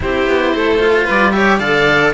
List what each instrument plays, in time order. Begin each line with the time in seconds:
0.00 cello C4 E4, violin G4, oboe C5
0.27 cello B3
0.55 cello A3, violin A4
0.79 cello F4
1.04 cello G3, violin B4, oboe D5
1.31 cello G4, violin C#5, oboe E5
1.59 cello D3 A4, violin D5, oboe F5